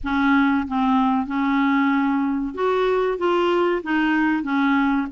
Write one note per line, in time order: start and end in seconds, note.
0.03 0.67 C#4
0.67 1.26 C4
1.26 2.54 C#4
2.54 3.18 F#4
3.18 3.82 F4
3.83 4.43 D#4
4.43 5.07 C#4